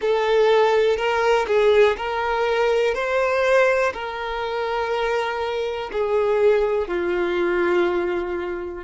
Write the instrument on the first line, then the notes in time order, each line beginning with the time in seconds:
violin
0.00 A4
0.97 A#4
1.47 G#4
1.97 A#4
2.94 C5
3.93 A#4
5.92 G#4
6.87 F4